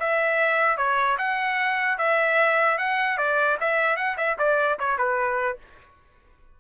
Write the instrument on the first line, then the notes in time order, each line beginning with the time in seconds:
trumpet
0.00 E5
0.78 C#5
1.18 F#5
1.99 E5
2.78 F#5
3.18 D5
3.61 E5
3.97 F#5
4.18 E5
4.39 D5
4.80 C#5
4.98 B4